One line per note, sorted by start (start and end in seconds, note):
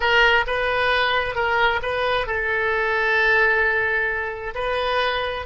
0.00 0.45 A#4
0.46 1.35 B4
1.35 1.80 A#4
1.82 2.26 B4
2.26 4.54 A4
4.54 5.45 B4